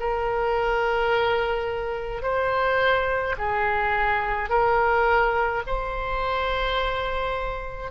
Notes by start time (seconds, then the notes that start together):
0.00 A#4
2.23 C5
3.38 G#4
4.50 A#4
5.67 C5